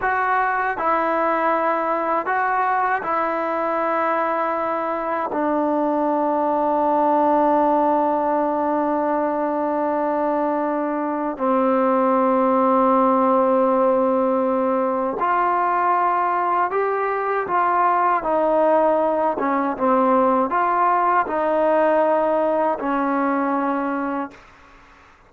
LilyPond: \new Staff \with { instrumentName = "trombone" } { \time 4/4 \tempo 4 = 79 fis'4 e'2 fis'4 | e'2. d'4~ | d'1~ | d'2. c'4~ |
c'1 | f'2 g'4 f'4 | dis'4. cis'8 c'4 f'4 | dis'2 cis'2 | }